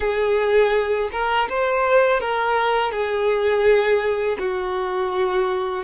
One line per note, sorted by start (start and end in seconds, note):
0.00 1.09 G#4
1.12 1.48 A#4
1.49 2.20 C5
2.20 2.91 A#4
2.91 4.37 G#4
4.39 5.84 F#4